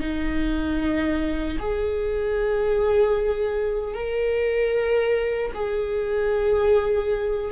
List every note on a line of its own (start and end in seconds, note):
0.00 1.58 D#4
1.59 3.94 G#4
3.94 5.52 A#4
5.54 7.51 G#4